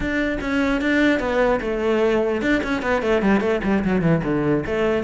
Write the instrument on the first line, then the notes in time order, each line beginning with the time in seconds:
cello
0.00 D4
0.40 C#4
0.81 D4
1.19 B3
1.61 A3
2.41 D4
2.63 C#4
2.82 B3
3.01 A3
3.22 G3
3.40 A3
3.63 G3
3.84 F#3
4.01 E3
4.24 D3
4.66 A3